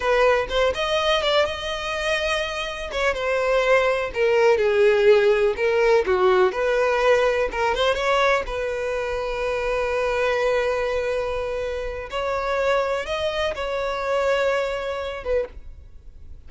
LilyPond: \new Staff \with { instrumentName = "violin" } { \time 4/4 \tempo 4 = 124 b'4 c''8 dis''4 d''8 dis''4~ | dis''2 cis''8 c''4.~ | c''8 ais'4 gis'2 ais'8~ | ais'8 fis'4 b'2 ais'8 |
c''8 cis''4 b'2~ b'8~ | b'1~ | b'4 cis''2 dis''4 | cis''2.~ cis''8 b'8 | }